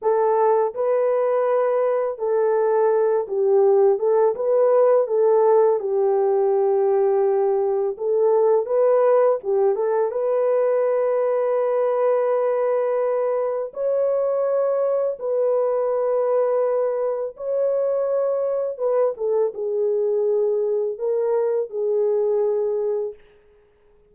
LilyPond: \new Staff \with { instrumentName = "horn" } { \time 4/4 \tempo 4 = 83 a'4 b'2 a'4~ | a'8 g'4 a'8 b'4 a'4 | g'2. a'4 | b'4 g'8 a'8 b'2~ |
b'2. cis''4~ | cis''4 b'2. | cis''2 b'8 a'8 gis'4~ | gis'4 ais'4 gis'2 | }